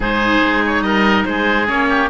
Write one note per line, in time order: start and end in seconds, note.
0.00 0.42 G#2
0.00 1.67 D#4
0.00 0.84 G#4
0.00 0.64 C5
0.43 0.81 G#3
0.66 0.82 C#5
0.81 1.23 G3
0.81 1.26 A#4
0.81 1.24 D#5
1.25 1.68 G#3
1.25 1.89 G#4
1.25 1.67 C5
1.67 2.10 A#3
1.67 2.09 C#4
1.67 2.10 C#5
1.89 2.10 G4